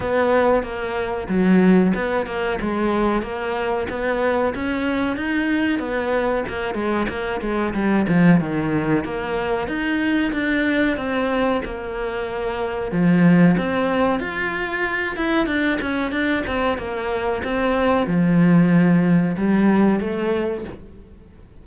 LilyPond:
\new Staff \with { instrumentName = "cello" } { \time 4/4 \tempo 4 = 93 b4 ais4 fis4 b8 ais8 | gis4 ais4 b4 cis'4 | dis'4 b4 ais8 gis8 ais8 gis8 | g8 f8 dis4 ais4 dis'4 |
d'4 c'4 ais2 | f4 c'4 f'4. e'8 | d'8 cis'8 d'8 c'8 ais4 c'4 | f2 g4 a4 | }